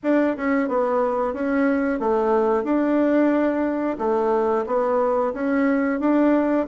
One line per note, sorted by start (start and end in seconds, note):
0.03 0.36 D4
0.36 0.68 C#4
0.68 1.33 B3
1.33 1.99 C#4
1.99 2.63 A3
2.63 3.97 D4
3.98 4.65 A3
4.66 5.33 B3
5.33 6.00 C#4
6.00 6.66 D4